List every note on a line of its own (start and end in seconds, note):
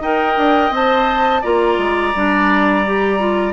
0.00 0.35 D#4
0.00 0.72 A#4
0.00 1.41 D#5
0.00 0.73 G5
0.37 0.70 D4
0.70 1.41 C4
0.70 1.43 C5
0.70 1.44 A5
1.41 1.78 A#3
1.41 2.14 F4
1.41 3.52 D5
1.41 3.52 A#5
1.78 2.13 G#3
2.15 3.52 G3
2.15 2.85 D4
2.86 3.19 G4
3.19 3.52 F4